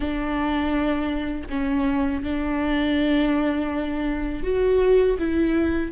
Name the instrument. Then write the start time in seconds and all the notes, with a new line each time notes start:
viola
0.00 D4
1.49 C#4
2.23 D4
4.43 F#4
5.18 E4